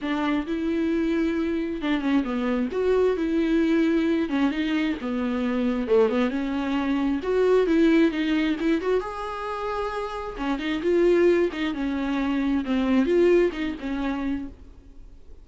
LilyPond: \new Staff \with { instrumentName = "viola" } { \time 4/4 \tempo 4 = 133 d'4 e'2. | d'8 cis'8 b4 fis'4 e'4~ | e'4. cis'8 dis'4 b4~ | b4 a8 b8 cis'2 |
fis'4 e'4 dis'4 e'8 fis'8 | gis'2. cis'8 dis'8 | f'4. dis'8 cis'2 | c'4 f'4 dis'8 cis'4. | }